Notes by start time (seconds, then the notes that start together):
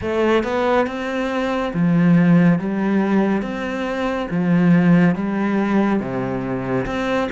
0.01 A3
0.43 B3
0.86 C4
1.73 F3
2.58 G3
3.42 C4
4.30 F3
5.15 G3
6.00 C3
6.86 C4